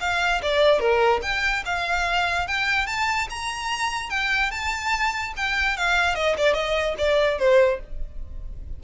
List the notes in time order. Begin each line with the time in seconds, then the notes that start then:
0.00 F5
0.42 D5
0.80 A#4
1.22 G5
1.65 F5
2.47 G5
2.87 A5
3.30 A#5
4.10 G5
4.51 A5
5.36 G5
5.77 F5
6.15 D#5
6.37 D5
6.54 D#5
6.98 D5
7.38 C5